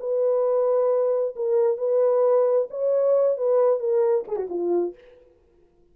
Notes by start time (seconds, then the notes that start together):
0.00 B4
1.36 A#4
1.78 B4
2.70 C#5
3.38 B4
3.80 A#4
4.28 G#4
4.36 F#4
4.50 F4